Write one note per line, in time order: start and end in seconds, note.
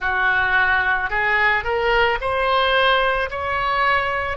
0.00 1.10 F#4
1.10 1.64 G#4
1.64 2.18 A#4
2.20 3.29 C5
3.30 4.37 C#5